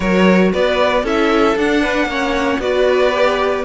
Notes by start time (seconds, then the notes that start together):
0.00 F#3 F#4 A#4 C#5
0.52 B3 B4 D5
1.03 C#4 E4 A4 E5
1.56 D4 F#5
1.81 B4
2.05 A#3 C#4 C#5
2.59 B3 F#4 B4 D5
3.12 G4